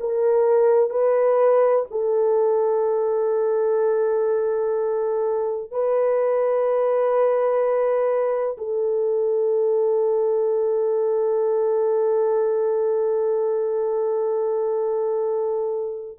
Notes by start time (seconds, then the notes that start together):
0.00 A#4
0.90 B4
1.91 A4
5.71 B4
8.58 A4